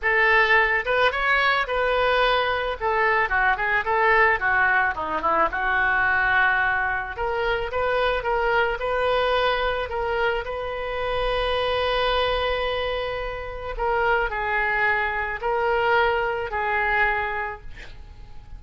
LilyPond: \new Staff \with { instrumentName = "oboe" } { \time 4/4 \tempo 4 = 109 a'4. b'8 cis''4 b'4~ | b'4 a'4 fis'8 gis'8 a'4 | fis'4 dis'8 e'8 fis'2~ | fis'4 ais'4 b'4 ais'4 |
b'2 ais'4 b'4~ | b'1~ | b'4 ais'4 gis'2 | ais'2 gis'2 | }